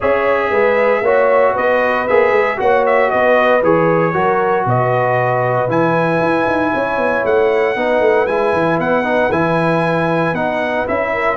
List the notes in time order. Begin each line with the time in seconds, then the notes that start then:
0.00 C#4 G#4 C#5 E5
0.50 G#3 B4
1.01 A#3 F#4 C#5
1.53 B3 B4 D#5
2.07 A#3 G#4 E5
2.31 G#3
2.57 A#3 F#4 C#5 F#5
2.86 E5
3.10 B3 B4 D#5
3.62 E3 G#4 C#5
4.13 F#3 F#4 A#4
4.65 B2 B4 D#5
5.68 E3 E4 G#5
6.20 E4
6.47 D#4
6.73 C#4 C#5
6.97 B3
7.24 A3 F#5
7.75 B3 D#4 B4
8.00 A3
8.26 G#3 E4 G#5
8.53 E3
8.78 B3 F#5
9.04 D#4
9.30 E3 E4 G#5
10.33 B3 D#4 F#5
10.86 C#4 E4 E5
11.12 A#4